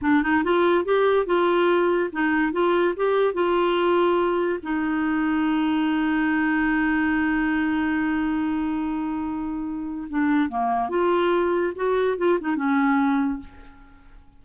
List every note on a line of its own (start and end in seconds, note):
0.01 0.22 D4
0.22 0.43 D#4
0.44 0.84 F4
0.84 1.26 G4
1.26 2.10 F4
2.12 2.52 D#4
2.52 2.94 F4
2.96 3.33 G4
3.33 4.59 F4
4.62 10.08 D#4
10.09 10.49 D4
10.49 10.89 A#3
10.89 11.73 F4
11.75 12.17 F#4
12.17 12.38 F4
12.40 12.55 D#4
12.55 13.39 C#4